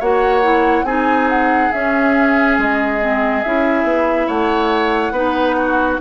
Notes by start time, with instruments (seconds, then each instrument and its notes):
0.00 bassoon A#3, clarinet F#4, oboe C#5, flute F#5
0.43 clarinet E4
0.84 bassoon C4, clarinet D#4, oboe G#4, flute G#5
1.30 flute F#5
1.72 clarinet C#4, bassoon C#4, flute E5
2.59 bassoon G#3, flute D#5
3.01 clarinet C4
3.43 bassoon C#4, clarinet E4, flute E5
3.84 bassoon B3
4.27 bassoon A3, oboe C#5, flute F#5
5.12 bassoon B3, clarinet D#4, oboe B4
5.58 oboe F#4